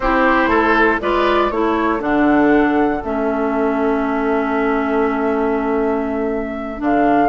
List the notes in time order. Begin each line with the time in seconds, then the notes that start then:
0.00 C4 E4 G4 C5
0.46 A3 A4
1.01 G#3 F4 B4 D5
1.50 A3 E4 A4 C#5
1.99 D3 D4 F#5
3.04 A3 C#4 E5
6.78 D3 D4 F5